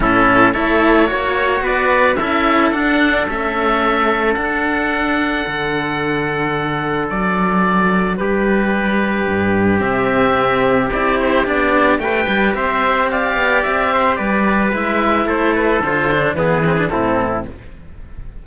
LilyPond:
<<
  \new Staff \with { instrumentName = "oboe" } { \time 4/4 \tempo 4 = 110 a'4 cis''2 d''4 | e''4 fis''4 e''2 | fis''1~ | fis''4 d''2 b'4~ |
b'2 e''2 | d''8 c''8 d''4 g''4 e''4 | f''4 e''4 d''4 e''4 | c''8 b'8 c''4 b'4 a'4 | }
  \new Staff \with { instrumentName = "trumpet" } { \time 4/4 e'4 a'4 cis''4 b'4 | a'1~ | a'1~ | a'2. g'4~ |
g'1~ | g'2 b'4 c''4 | d''4. c''8 b'2 | a'2 gis'4 e'4 | }
  \new Staff \with { instrumentName = "cello" } { \time 4/4 cis'4 e'4 fis'2 | e'4 d'4 cis'2 | d'1~ | d'1~ |
d'2 c'2 | e'4 d'4 g'2~ | g'2. e'4~ | e'4 f'8 d'8 b8 c'16 d'16 c'4 | }
  \new Staff \with { instrumentName = "cello" } { \time 4/4 a,4 a4 ais4 b4 | cis'4 d'4 a2 | d'2 d2~ | d4 fis2 g4~ |
g4 g,4 c2 | c'4 b4 a8 g8 c'4~ | c'8 b8 c'4 g4 gis4 | a4 d4 e4 a,4 | }
>>